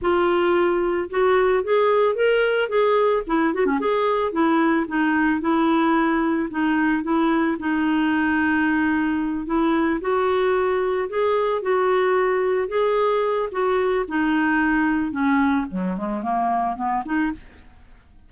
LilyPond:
\new Staff \with { instrumentName = "clarinet" } { \time 4/4 \tempo 4 = 111 f'2 fis'4 gis'4 | ais'4 gis'4 e'8 fis'16 cis'16 gis'4 | e'4 dis'4 e'2 | dis'4 e'4 dis'2~ |
dis'4. e'4 fis'4.~ | fis'8 gis'4 fis'2 gis'8~ | gis'4 fis'4 dis'2 | cis'4 fis8 gis8 ais4 b8 dis'8 | }